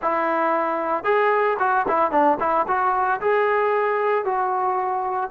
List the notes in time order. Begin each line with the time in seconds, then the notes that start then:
0.01 E4
1.04 G#4
1.59 F#4
1.88 E4
2.11 D4
2.40 E4
2.67 F#4
3.21 G#4
4.24 F#4